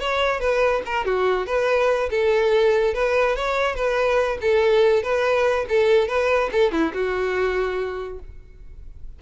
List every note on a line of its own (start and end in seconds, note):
0.00 0.40 C#5
0.40 0.82 B4
0.85 1.05 A#4
1.05 1.46 F#4
1.46 2.09 B4
2.11 2.94 A4
2.94 3.36 B4
3.36 3.75 C#5
3.75 4.38 B4
4.41 5.03 A4
5.03 5.65 B4
5.69 6.08 A4
6.08 6.50 B4
6.52 6.72 A4
6.72 6.92 E4
6.93 8.19 F#4